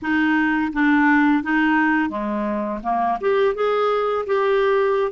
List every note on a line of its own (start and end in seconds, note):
0.02 0.72 D#4
0.72 1.43 D4
1.43 2.09 D#4
2.09 2.80 G#3
2.83 3.18 A#3
3.21 3.55 G4
3.55 4.25 G#4
4.26 5.11 G4